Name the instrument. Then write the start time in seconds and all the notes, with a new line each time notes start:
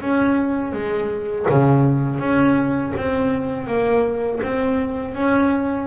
double bass
0.00 C#4
0.72 G#3
1.49 C#3
2.19 C#4
2.96 C4
3.67 A#3
4.43 C4
5.14 C#4